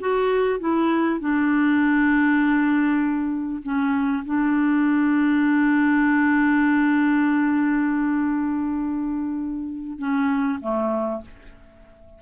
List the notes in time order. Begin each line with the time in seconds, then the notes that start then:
0.00 F#4
0.60 E4
1.20 D4
3.63 C#4
4.25 D4
9.98 C#4
10.61 A3